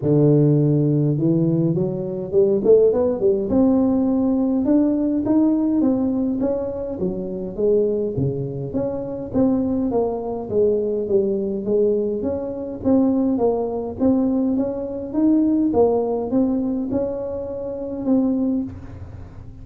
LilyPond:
\new Staff \with { instrumentName = "tuba" } { \time 4/4 \tempo 4 = 103 d2 e4 fis4 | g8 a8 b8 g8 c'2 | d'4 dis'4 c'4 cis'4 | fis4 gis4 cis4 cis'4 |
c'4 ais4 gis4 g4 | gis4 cis'4 c'4 ais4 | c'4 cis'4 dis'4 ais4 | c'4 cis'2 c'4 | }